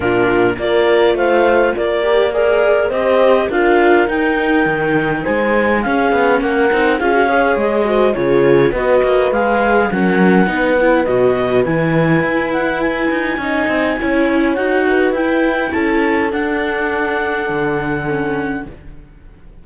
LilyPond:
<<
  \new Staff \with { instrumentName = "clarinet" } { \time 4/4 \tempo 4 = 103 ais'4 d''4 f''4 d''4 | ais'4 dis''4 f''4 g''4~ | g''4 gis''4 f''4 fis''4 | f''4 dis''4 cis''4 dis''4 |
f''4 fis''2 dis''4 | gis''4. fis''8 gis''2~ | gis''4 fis''4 g''4 a''4 | fis''1 | }
  \new Staff \with { instrumentName = "horn" } { \time 4/4 f'4 ais'4 c''4 ais'4 | d''4 c''4 ais'2~ | ais'4 c''4 gis'4 ais'4 | gis'8 cis''4 c''8 gis'4 b'4~ |
b'4 ais'4 b'2~ | b'2. dis''4 | cis''4. b'4. a'4~ | a'1 | }
  \new Staff \with { instrumentName = "viola" } { \time 4/4 d'4 f'2~ f'8 g'8 | gis'4 g'4 f'4 dis'4~ | dis'2 cis'4. dis'8 | f'16 fis'16 gis'4 fis'8 f'4 fis'4 |
gis'4 cis'4 dis'8 e'8 fis'4 | e'2. dis'4 | e'4 fis'4 e'2 | d'2. cis'4 | }
  \new Staff \with { instrumentName = "cello" } { \time 4/4 ais,4 ais4 a4 ais4~ | ais4 c'4 d'4 dis'4 | dis4 gis4 cis'8 b8 ais8 c'8 | cis'4 gis4 cis4 b8 ais8 |
gis4 fis4 b4 b,4 | e4 e'4. dis'8 cis'8 c'8 | cis'4 dis'4 e'4 cis'4 | d'2 d2 | }
>>